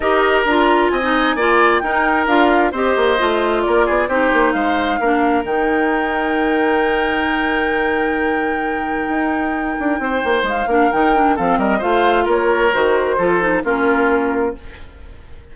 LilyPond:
<<
  \new Staff \with { instrumentName = "flute" } { \time 4/4 \tempo 4 = 132 dis''4 ais''4 gis''2 | g''4 f''4 dis''2 | d''4 c''4 f''2 | g''1~ |
g''1~ | g''2. f''4 | g''4 f''8 dis''8 f''4 cis''4 | c''2 ais'2 | }
  \new Staff \with { instrumentName = "oboe" } { \time 4/4 ais'2 dis''4 d''4 | ais'2 c''2 | ais'8 gis'8 g'4 c''4 ais'4~ | ais'1~ |
ais'1~ | ais'2 c''4. ais'8~ | ais'4 a'8 ais'8 c''4 ais'4~ | ais'4 a'4 f'2 | }
  \new Staff \with { instrumentName = "clarinet" } { \time 4/4 g'4 f'4~ f'16 dis'8. f'4 | dis'4 f'4 g'4 f'4~ | f'4 dis'2 d'4 | dis'1~ |
dis'1~ | dis'2.~ dis'8 d'8 | dis'8 d'8 c'4 f'2 | fis'4 f'8 dis'8 cis'2 | }
  \new Staff \with { instrumentName = "bassoon" } { \time 4/4 dis'4 d'4 c'4 ais4 | dis'4 d'4 c'8 ais8 a4 | ais8 b8 c'8 ais8 gis4 ais4 | dis1~ |
dis1 | dis'4. d'8 c'8 ais8 gis8 ais8 | dis4 f8 g8 a4 ais4 | dis4 f4 ais2 | }
>>